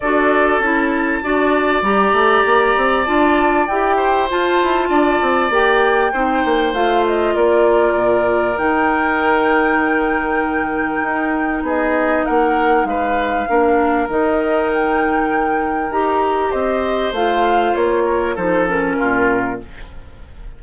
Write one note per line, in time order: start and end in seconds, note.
0.00 0.59 D4
0.00 0.62 F#4
0.00 1.23 A4
0.00 0.60 D5
0.59 1.20 C#4
0.59 1.22 E4
0.59 1.82 A5
1.22 1.82 D4
1.22 1.83 F#4
1.22 3.96 D5
1.82 2.12 G3
1.82 3.06 G4
1.82 3.05 A#5
2.12 2.43 A3
2.45 2.76 A#3
2.76 3.07 C4
3.05 3.68 D4
3.05 3.67 F4
3.05 3.66 A5
3.66 4.30 E4
3.66 4.28 G4
3.66 4.28 G5
3.96 4.88 C5
4.28 5.50 F4
4.28 4.61 F4
4.28 5.52 A5
4.62 4.89 E4
4.89 5.20 D4
4.89 6.11 D5
5.21 5.50 C4
5.50 6.11 A#3
5.50 6.12 G4
5.50 6.73 G5
6.12 6.44 C4
6.12 6.74 D#4
6.12 7.34 C5
6.44 6.73 A#3
6.73 7.34 A3
6.73 8.56 F4
6.73 7.04 F5
7.07 7.36 D#5
7.34 7.95 A#3
7.34 11.63 A#4
7.34 8.58 D5
7.95 8.56 A#2
8.56 11.02 D#3
8.56 13.46 D#4
8.56 11.64 G5
11.02 11.62 D#4
11.62 12.23 B3
11.62 12.26 G#4
11.62 12.25 D#5
12.25 12.84 A#3
12.25 12.87 A#4
12.25 12.85 F#5
12.84 13.45 G#3
12.84 13.49 B4
12.84 14.08 F5
13.47 14.09 A#3
13.47 14.08 D4
13.47 16.50 A#4
14.09 15.89 D#3
14.09 15.91 D#4
14.09 14.70 D#5
14.73 15.91 G5
15.89 16.51 D#4
15.89 17.14 G4
15.89 16.51 A#5
16.50 17.12 C4
16.50 18.03 C5
16.50 17.12 D#5
17.12 17.73 A3
17.12 18.37 F4
17.12 17.75 F5
17.75 18.36 A#3
17.75 18.36 C#5
18.05 18.35 A#4
18.35 18.97 F3
18.35 18.67 D#4
18.35 18.96 A4
18.35 18.67 C5
18.67 19.59 C#4
18.67 19.60 A#4
18.98 19.62 A#2
18.98 19.59 F4